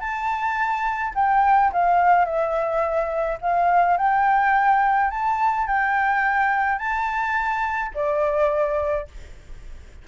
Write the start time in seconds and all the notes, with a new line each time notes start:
0.00 A5
1.15 G5
1.72 F5
2.25 E5
3.41 F5
3.97 G5
5.10 A5
5.67 G5
6.78 A5
7.94 D5